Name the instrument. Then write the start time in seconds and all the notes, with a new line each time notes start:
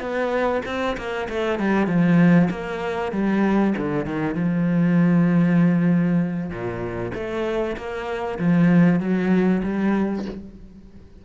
cello
0.00 B3
0.66 C4
0.97 A#3
1.29 A3
1.59 G3
1.87 F3
2.51 A#3
3.12 G3
3.77 D3
4.06 D#3
4.35 F3
6.50 A#2
7.15 A3
7.77 A#3
8.39 F3
9.00 F#3
9.64 G3